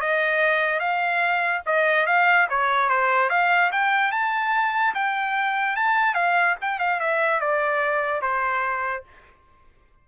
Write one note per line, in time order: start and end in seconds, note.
0.00 0.79 D#5
0.79 1.61 F5
1.66 2.06 D#5
2.06 2.47 F5
2.49 2.89 C#5
2.89 3.29 C5
3.29 3.70 F5
3.72 4.11 G5
4.11 4.93 A5
4.94 5.76 G5
5.76 6.14 A5
6.14 6.55 F5
6.61 6.79 G5
6.79 6.99 F5
7.00 7.40 E5
7.40 8.21 D5
8.21 9.03 C5